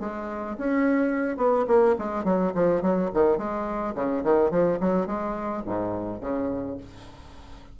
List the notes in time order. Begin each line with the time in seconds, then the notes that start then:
0.00 G#3
0.58 C#4
1.37 B3
1.67 A#3
1.99 G#3
2.25 F#3
2.55 F3
2.82 F#3
3.14 D#3
3.38 G#3
3.95 C#3
4.24 D#3
4.51 F3
4.80 F#3
5.07 G#3
5.66 G#2
6.21 C#3